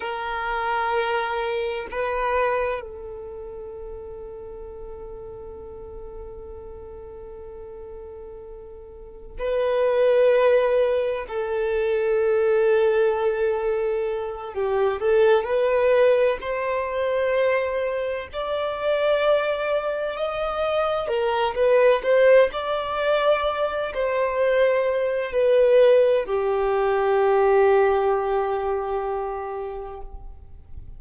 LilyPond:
\new Staff \with { instrumentName = "violin" } { \time 4/4 \tempo 4 = 64 ais'2 b'4 a'4~ | a'1~ | a'2 b'2 | a'2.~ a'8 g'8 |
a'8 b'4 c''2 d''8~ | d''4. dis''4 ais'8 b'8 c''8 | d''4. c''4. b'4 | g'1 | }